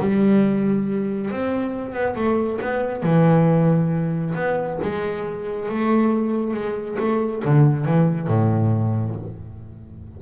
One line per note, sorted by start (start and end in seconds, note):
0.00 1.31 G3
1.31 1.93 C4
1.93 2.15 B3
2.15 2.59 A3
2.61 3.02 B3
3.02 4.34 E3
4.35 4.79 B3
4.82 5.69 G#3
5.69 6.53 A3
6.53 6.97 G#3
6.99 7.43 A3
7.45 7.85 D3
7.85 8.28 E3
8.28 9.15 A2